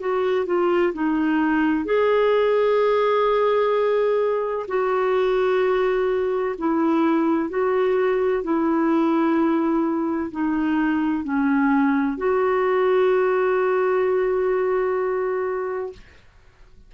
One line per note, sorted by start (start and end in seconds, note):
0.00 0.46 F#4
0.46 0.93 F4
0.94 1.85 D#4
1.85 4.67 G#4
4.68 6.56 F#4
6.59 7.50 E4
7.50 8.44 F#4
8.44 10.31 E4
10.32 11.24 D#4
11.24 12.18 C#4
12.18 15.93 F#4